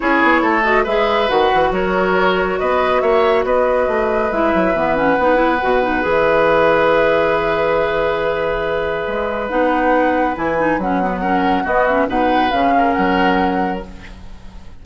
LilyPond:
<<
  \new Staff \with { instrumentName = "flute" } { \time 4/4 \tempo 4 = 139 cis''4. dis''8 e''4 fis''4 | cis''2 dis''4 e''4 | dis''2 e''4. fis''8~ | fis''2 e''2~ |
e''1~ | e''2 fis''2 | gis''4 fis''2 dis''8 e''8 | fis''4 f''4 fis''2 | }
  \new Staff \with { instrumentName = "oboe" } { \time 4/4 gis'4 a'4 b'2 | ais'2 b'4 cis''4 | b'1~ | b'1~ |
b'1~ | b'1~ | b'2 ais'4 fis'4 | b'4. ais'2~ ais'8 | }
  \new Staff \with { instrumentName = "clarinet" } { \time 4/4 e'4. fis'8 gis'4 fis'4~ | fis'1~ | fis'2 e'4 b8 cis'8 | dis'8 e'8 fis'8 dis'8 gis'2~ |
gis'1~ | gis'2 dis'2 | e'8 dis'8 cis'8 b8 cis'4 b8 cis'8 | dis'4 cis'2. | }
  \new Staff \with { instrumentName = "bassoon" } { \time 4/4 cis'8 b8 a4 gis4 dis8 e8 | fis2 b4 ais4 | b4 a4 gis8 fis8 e4 | b4 b,4 e2~ |
e1~ | e4 gis4 b2 | e4 fis2 b4 | b,4 cis4 fis2 | }
>>